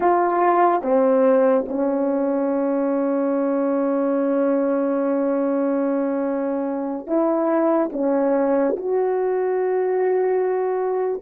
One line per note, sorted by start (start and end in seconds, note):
0.00 0.81 F4
0.81 1.65 C4
1.67 7.06 C#4
7.06 7.89 E4
7.92 8.75 C#4
8.76 11.22 F#4